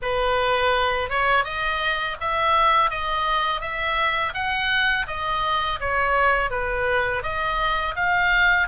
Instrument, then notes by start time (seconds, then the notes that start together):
oboe
0.02 B4
1.09 C#5
1.44 D#5
2.20 E5
2.90 D#5
3.60 E5
4.34 F#5
5.07 D#5
5.80 C#5
6.50 B4
7.22 D#5
7.95 F5